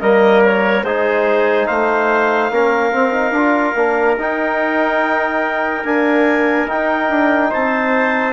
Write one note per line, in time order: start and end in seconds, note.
0.00 0.83 G3
0.00 0.84 A#3
0.00 0.84 A#4
0.00 0.42 D#5
0.44 0.83 C#5
0.83 1.66 G#3
0.83 2.52 D#4
0.83 1.67 G#4
0.83 1.65 C5
1.65 2.50 A3
1.65 2.50 C5
1.65 4.15 F5
2.50 2.92 A#3
2.50 2.91 C#4
2.50 7.50 A#4
2.91 3.12 C4
2.91 3.31 C4
3.12 3.32 D#4
3.31 3.72 D4
3.31 3.76 F4
3.75 4.16 A#3
3.75 4.17 D4
4.17 5.84 D#4
4.17 5.83 D#4
4.17 5.84 G5
5.83 6.66 A#3
5.83 6.67 D4
5.83 6.68 G#5
6.66 8.33 D#4
6.66 7.09 D#4
6.66 7.52 G5
7.09 7.51 D4
7.50 8.33 C4
7.50 8.33 C5
7.50 8.33 A5